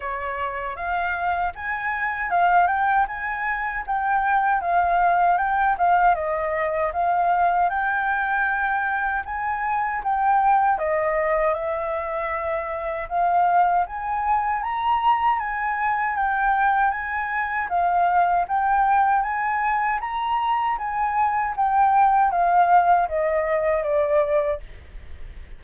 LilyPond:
\new Staff \with { instrumentName = "flute" } { \time 4/4 \tempo 4 = 78 cis''4 f''4 gis''4 f''8 g''8 | gis''4 g''4 f''4 g''8 f''8 | dis''4 f''4 g''2 | gis''4 g''4 dis''4 e''4~ |
e''4 f''4 gis''4 ais''4 | gis''4 g''4 gis''4 f''4 | g''4 gis''4 ais''4 gis''4 | g''4 f''4 dis''4 d''4 | }